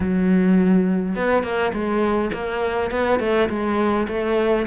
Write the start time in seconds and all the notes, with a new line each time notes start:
0.00 F#3
1.15 B3
1.43 A#3
1.73 G#3
2.33 A#3
2.90 B3
3.19 A3
3.49 G#3
4.08 A3